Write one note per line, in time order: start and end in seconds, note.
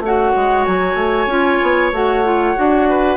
0.00 0.32 A3
0.00 1.30 F#4
0.00 2.89 C#5
0.00 0.65 F#5
0.36 0.67 G#3
0.65 0.95 F#3
0.65 1.91 G#5
0.95 1.27 A3
1.27 1.59 C#4
1.27 1.93 F4
1.63 1.93 B3
1.93 2.56 A3
1.93 2.25 F#4
1.93 3.18 F#5
2.25 2.56 F4
2.56 3.18 D4
2.56 3.18 F#4
2.89 3.18 B4